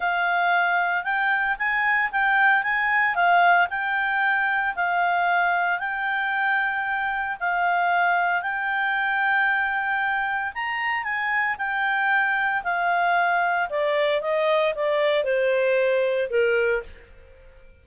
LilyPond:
\new Staff \with { instrumentName = "clarinet" } { \time 4/4 \tempo 4 = 114 f''2 g''4 gis''4 | g''4 gis''4 f''4 g''4~ | g''4 f''2 g''4~ | g''2 f''2 |
g''1 | ais''4 gis''4 g''2 | f''2 d''4 dis''4 | d''4 c''2 ais'4 | }